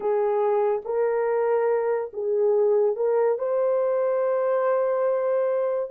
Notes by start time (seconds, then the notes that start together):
0.00 G#4
0.85 A#4
2.13 G#4
2.96 A#4
3.38 C5